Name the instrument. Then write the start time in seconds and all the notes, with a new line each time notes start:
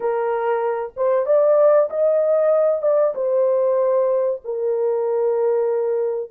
horn
0.00 A#4
0.96 C5
1.25 D5
1.90 D#5
2.82 D5
3.14 C5
4.44 A#4